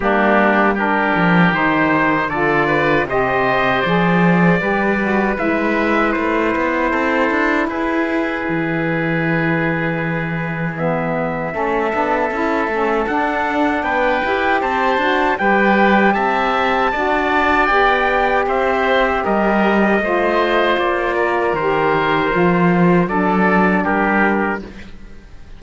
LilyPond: <<
  \new Staff \with { instrumentName = "trumpet" } { \time 4/4 \tempo 4 = 78 g'4 ais'4 c''4 d''4 | dis''4 d''2 e''4 | c''2 b'2~ | b'2 e''2~ |
e''4 fis''4 g''4 a''4 | g''4 a''2 g''4 | e''4 dis''2 d''4 | c''2 d''4 ais'4 | }
  \new Staff \with { instrumentName = "oboe" } { \time 4/4 d'4 g'2 a'8 b'8 | c''2 b'2~ | b'4 a'4 gis'2~ | gis'2. a'4~ |
a'2 b'4 c''4 | b'4 e''4 d''2 | c''4 ais'4 c''4. ais'8~ | ais'2 a'4 g'4 | }
  \new Staff \with { instrumentName = "saxophone" } { \time 4/4 ais4 d'4 dis'4 f'4 | g'4 gis'4 g'8 fis'8 e'4~ | e'1~ | e'2 b4 cis'8 d'8 |
e'8 cis'8 d'4. g'4 fis'8 | g'2 fis'4 g'4~ | g'2 f'2 | g'4 f'4 d'2 | }
  \new Staff \with { instrumentName = "cello" } { \time 4/4 g4. f8 dis4 d4 | c4 f4 g4 gis4 | a8 b8 c'8 d'8 e'4 e4~ | e2. a8 b8 |
cis'8 a8 d'4 b8 e'8 c'8 d'8 | g4 c'4 d'4 b4 | c'4 g4 a4 ais4 | dis4 f4 fis4 g4 | }
>>